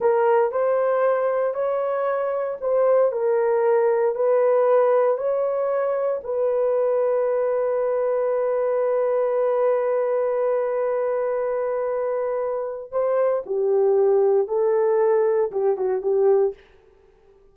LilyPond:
\new Staff \with { instrumentName = "horn" } { \time 4/4 \tempo 4 = 116 ais'4 c''2 cis''4~ | cis''4 c''4 ais'2 | b'2 cis''2 | b'1~ |
b'1~ | b'1~ | b'4 c''4 g'2 | a'2 g'8 fis'8 g'4 | }